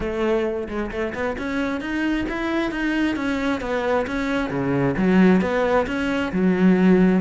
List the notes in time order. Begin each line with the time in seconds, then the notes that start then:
0.00 A3
0.68 G#3
0.91 A3
1.14 B3
1.38 C#4
1.80 D#4
2.28 E4
2.71 D#4
3.16 C#4
3.60 B3
4.07 C#4
4.50 C#3
4.97 F#3
5.41 B3
5.86 C#4
6.32 F#3